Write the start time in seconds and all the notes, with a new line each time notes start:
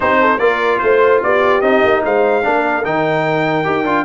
0.00 C4 D#4 G4 C5
0.20 A4
0.38 A#3 F4 A#4 D5
0.79 A3 C5
1.23 B3 G4 D5
1.61 C4 D#4 D#5
1.84 A#3
2.04 G#3 C5 F5
2.42 A#3 D4 A#4
2.83 D#3 D#4 G5
3.64 D#4 G4
3.84 D4 F4